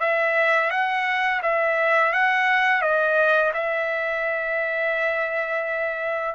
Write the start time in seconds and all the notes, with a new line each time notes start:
0.00 E5
0.71 F#5
1.42 E5
2.13 F#5
2.82 D#5
3.54 E5